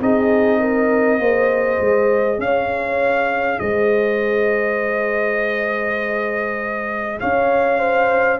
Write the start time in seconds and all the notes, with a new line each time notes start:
0.00 C4 D#4 G#4 D#5
0.60 A#4
1.19 A#3 G#4 C5
1.80 G#3
2.39 C#4 C#5 F5
3.59 G#3 C5 D#5
7.20 C#4 C#5 F5
7.79 C5